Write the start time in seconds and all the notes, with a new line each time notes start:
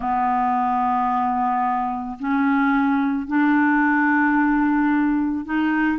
0.00 B3
2.19 C#4
3.27 D4
5.45 D#4